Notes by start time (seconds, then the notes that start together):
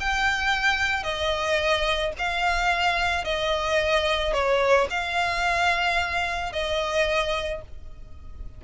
0.00 G5
1.03 D#5
2.18 F5
3.25 D#5
4.33 C#5
4.90 F5
6.53 D#5